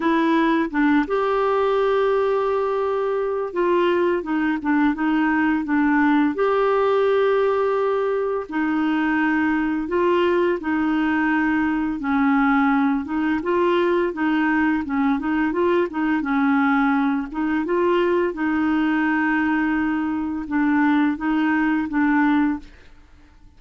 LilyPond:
\new Staff \with { instrumentName = "clarinet" } { \time 4/4 \tempo 4 = 85 e'4 d'8 g'2~ g'8~ | g'4 f'4 dis'8 d'8 dis'4 | d'4 g'2. | dis'2 f'4 dis'4~ |
dis'4 cis'4. dis'8 f'4 | dis'4 cis'8 dis'8 f'8 dis'8 cis'4~ | cis'8 dis'8 f'4 dis'2~ | dis'4 d'4 dis'4 d'4 | }